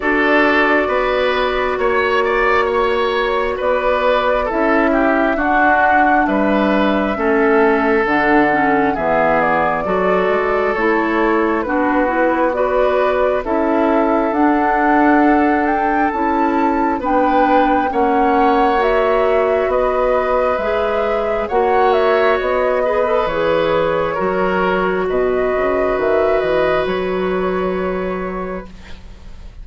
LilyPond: <<
  \new Staff \with { instrumentName = "flute" } { \time 4/4 \tempo 4 = 67 d''2 cis''2 | d''4 e''4 fis''4 e''4~ | e''4 fis''4 e''8 d''4. | cis''4 b'4 d''4 e''4 |
fis''4. g''8 a''4 g''4 | fis''4 e''4 dis''4 e''4 | fis''8 e''8 dis''4 cis''2 | dis''4 e''8 dis''8 cis''2 | }
  \new Staff \with { instrumentName = "oboe" } { \time 4/4 a'4 b'4 cis''8 d''8 cis''4 | b'4 a'8 g'8 fis'4 b'4 | a'2 gis'4 a'4~ | a'4 fis'4 b'4 a'4~ |
a'2. b'4 | cis''2 b'2 | cis''4. b'4. ais'4 | b'1 | }
  \new Staff \with { instrumentName = "clarinet" } { \time 4/4 fis'1~ | fis'4 e'4 d'2 | cis'4 d'8 cis'8 b4 fis'4 | e'4 d'8 e'8 fis'4 e'4 |
d'2 e'4 d'4 | cis'4 fis'2 gis'4 | fis'4. gis'16 a'16 gis'4 fis'4~ | fis'1 | }
  \new Staff \with { instrumentName = "bassoon" } { \time 4/4 d'4 b4 ais2 | b4 cis'4 d'4 g4 | a4 d4 e4 fis8 gis8 | a4 b2 cis'4 |
d'2 cis'4 b4 | ais2 b4 gis4 | ais4 b4 e4 fis4 | b,8 cis8 dis8 e8 fis2 | }
>>